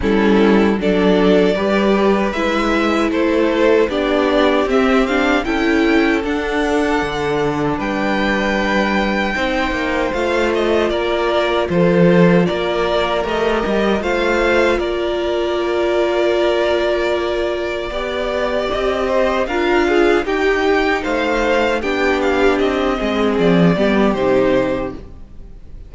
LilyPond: <<
  \new Staff \with { instrumentName = "violin" } { \time 4/4 \tempo 4 = 77 a'4 d''2 e''4 | c''4 d''4 e''8 f''8 g''4 | fis''2 g''2~ | g''4 f''8 dis''8 d''4 c''4 |
d''4 dis''4 f''4 d''4~ | d''1 | dis''4 f''4 g''4 f''4 | g''8 f''8 dis''4 d''4 c''4 | }
  \new Staff \with { instrumentName = "violin" } { \time 4/4 e'4 a'4 b'2 | a'4 g'2 a'4~ | a'2 b'2 | c''2 ais'4 a'4 |
ais'2 c''4 ais'4~ | ais'2. d''4~ | d''8 c''8 ais'8 gis'8 g'4 c''4 | g'4. gis'4 g'4. | }
  \new Staff \with { instrumentName = "viola" } { \time 4/4 cis'4 d'4 g'4 e'4~ | e'4 d'4 c'8 d'8 e'4 | d'1 | dis'4 f'2.~ |
f'4 g'4 f'2~ | f'2. g'4~ | g'4 f'4 dis'2 | d'4. c'4 b8 dis'4 | }
  \new Staff \with { instrumentName = "cello" } { \time 4/4 g4 fis4 g4 gis4 | a4 b4 c'4 cis'4 | d'4 d4 g2 | c'8 ais8 a4 ais4 f4 |
ais4 a8 g8 a4 ais4~ | ais2. b4 | c'4 d'4 dis'4 a4 | b4 c'8 gis8 f8 g8 c4 | }
>>